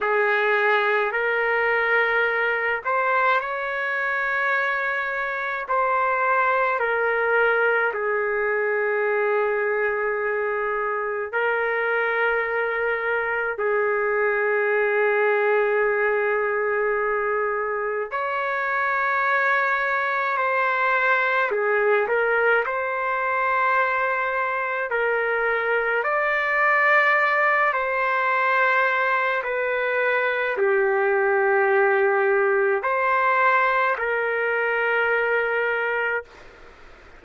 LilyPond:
\new Staff \with { instrumentName = "trumpet" } { \time 4/4 \tempo 4 = 53 gis'4 ais'4. c''8 cis''4~ | cis''4 c''4 ais'4 gis'4~ | gis'2 ais'2 | gis'1 |
cis''2 c''4 gis'8 ais'8 | c''2 ais'4 d''4~ | d''8 c''4. b'4 g'4~ | g'4 c''4 ais'2 | }